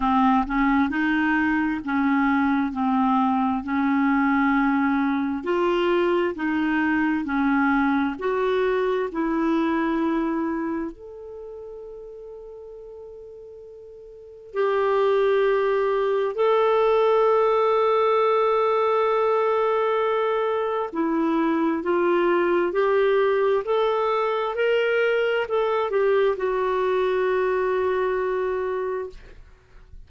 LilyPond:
\new Staff \with { instrumentName = "clarinet" } { \time 4/4 \tempo 4 = 66 c'8 cis'8 dis'4 cis'4 c'4 | cis'2 f'4 dis'4 | cis'4 fis'4 e'2 | a'1 |
g'2 a'2~ | a'2. e'4 | f'4 g'4 a'4 ais'4 | a'8 g'8 fis'2. | }